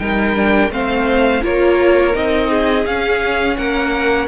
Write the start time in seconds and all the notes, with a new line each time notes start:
0.00 G3 D#4 A#4 G5
0.36 D4
0.71 A3 C4 C5 F5
1.42 A#3 F4 A#4 C#5
2.14 C4 D#4 D#5
2.50 G#4
2.86 C#4 F5
3.57 A#3 A#4 F#5